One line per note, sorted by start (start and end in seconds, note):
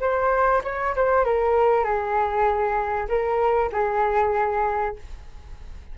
0.00 0.62 C5
0.64 0.94 C#5
0.96 1.24 C5
1.24 1.84 A#4
1.84 3.08 G#4
3.08 3.70 A#4
3.72 4.95 G#4